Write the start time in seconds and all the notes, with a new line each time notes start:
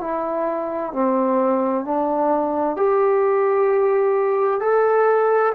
0.00 E4
0.92 C4
1.85 D4
2.76 G4
4.60 A4